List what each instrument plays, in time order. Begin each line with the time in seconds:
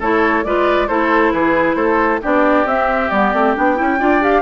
0.00 bassoon A3, clarinet E4, oboe A4, flute C#5
0.45 bassoon G#3, clarinet F4, oboe B4, flute D5
0.88 bassoon A3, clarinet E4, oboe A4, flute C5
1.32 bassoon E3, oboe G#4, flute B4
1.75 bassoon A3, oboe A4, flute C5
2.22 bassoon B3, clarinet D4, oboe G4, flute D5
2.65 bassoon C4, clarinet C4, flute E5
3.10 bassoon G3, clarinet B3, flute D5
3.34 bassoon A3, clarinet C4
3.56 bassoon B3, clarinet D4, flute G5
3.76 bassoon C#4, clarinet E4
4.00 bassoon D4, clarinet F4, oboe D5
4.21 clarinet G4, flute F5